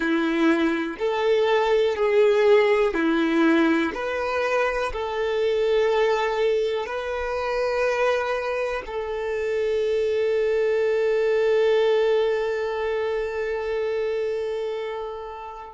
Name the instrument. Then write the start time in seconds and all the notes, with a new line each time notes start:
violin
0.00 E4
0.98 A4
1.95 G#4
2.93 E4
3.93 B4
4.92 A4
6.85 B4
8.85 A4